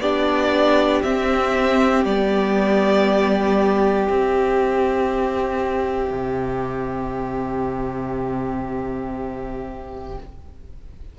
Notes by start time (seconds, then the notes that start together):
0.00 B3 D4 G4 D5
1.03 C4 E5
2.05 G3 B3 D5
4.08 C4 E5
6.11 C3